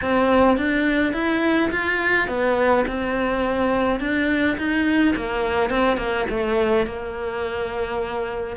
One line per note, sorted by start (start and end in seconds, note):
0.01 0.57 C4
0.57 1.13 D4
1.13 1.70 E4
1.70 2.28 F4
2.28 2.85 B3
2.87 4.00 C4
4.00 4.57 D4
4.57 5.15 D#4
5.16 5.70 A#3
5.70 5.97 C4
5.97 6.25 A#3
6.29 6.86 A3
6.86 8.56 A#3